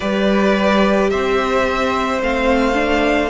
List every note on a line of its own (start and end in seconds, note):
0.00 1.12 G3
0.00 2.21 G4
0.00 1.09 B4
0.00 1.09 D5
1.09 2.21 C4
1.09 3.30 C5
1.09 2.21 E5
2.21 3.30 A3
2.21 2.74 C4
2.21 3.30 F5
2.74 3.29 D4